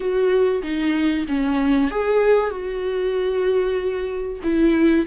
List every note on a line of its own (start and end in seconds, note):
0.00 0.61 F#4
0.63 1.26 D#4
1.27 1.90 C#4
1.90 2.50 G#4
2.50 4.40 F#4
4.43 5.06 E4